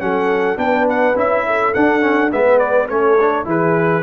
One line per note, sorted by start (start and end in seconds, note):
0.00 0.57 F#3
0.00 0.57 C#4
0.00 0.60 A4
0.00 0.58 F#5
0.57 1.15 B3
0.57 1.14 D4
0.57 1.46 B4
0.57 0.87 G5
0.89 1.18 F#5
1.16 1.73 C#4
1.16 1.74 E4
1.16 1.74 E5
1.47 2.33 A4
1.74 2.32 D4
1.74 2.01 D4
1.74 2.32 F#5
2.01 2.30 C#4
2.32 2.90 G#3
2.32 2.89 B3
2.32 2.91 B4
2.32 2.59 E5
2.59 2.87 D5
2.89 3.46 A3
2.89 3.18 C#4
2.89 3.47 A4
2.89 3.47 C#5
3.20 3.45 D4
3.45 4.03 E3
3.45 4.03 E4
3.45 4.03 G#4
3.45 4.03 B4